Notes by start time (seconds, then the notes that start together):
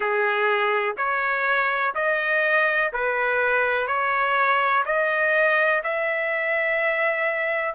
0.00 G#4
0.97 C#5
1.94 D#5
2.93 B4
3.87 C#5
4.85 D#5
5.83 E5